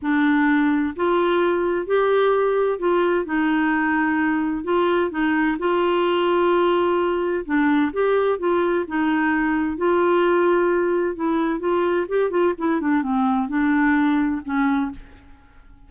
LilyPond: \new Staff \with { instrumentName = "clarinet" } { \time 4/4 \tempo 4 = 129 d'2 f'2 | g'2 f'4 dis'4~ | dis'2 f'4 dis'4 | f'1 |
d'4 g'4 f'4 dis'4~ | dis'4 f'2. | e'4 f'4 g'8 f'8 e'8 d'8 | c'4 d'2 cis'4 | }